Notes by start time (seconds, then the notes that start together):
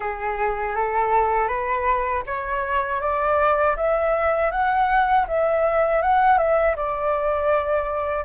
0.00 G#4
0.75 A4
1.48 B4
2.26 C#5
3.00 D5
3.76 E5
4.51 F#5
5.27 E5
6.01 F#5
6.38 E5
6.75 D5